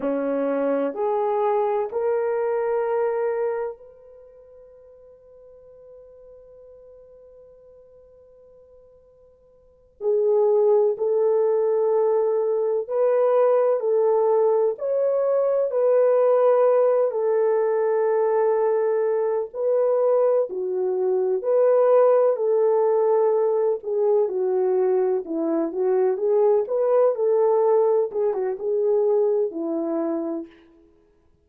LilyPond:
\new Staff \with { instrumentName = "horn" } { \time 4/4 \tempo 4 = 63 cis'4 gis'4 ais'2 | b'1~ | b'2~ b'8 gis'4 a'8~ | a'4. b'4 a'4 cis''8~ |
cis''8 b'4. a'2~ | a'8 b'4 fis'4 b'4 a'8~ | a'4 gis'8 fis'4 e'8 fis'8 gis'8 | b'8 a'4 gis'16 fis'16 gis'4 e'4 | }